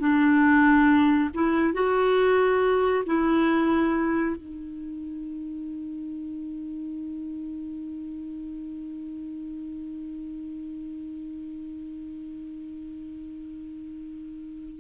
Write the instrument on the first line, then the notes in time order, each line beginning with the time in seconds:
clarinet
0.00 D4
1.34 E4
1.74 F#4
3.06 E4
4.37 D#4